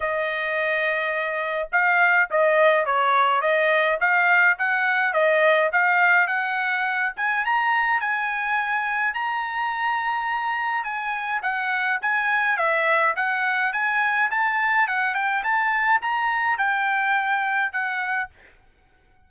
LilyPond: \new Staff \with { instrumentName = "trumpet" } { \time 4/4 \tempo 4 = 105 dis''2. f''4 | dis''4 cis''4 dis''4 f''4 | fis''4 dis''4 f''4 fis''4~ | fis''8 gis''8 ais''4 gis''2 |
ais''2. gis''4 | fis''4 gis''4 e''4 fis''4 | gis''4 a''4 fis''8 g''8 a''4 | ais''4 g''2 fis''4 | }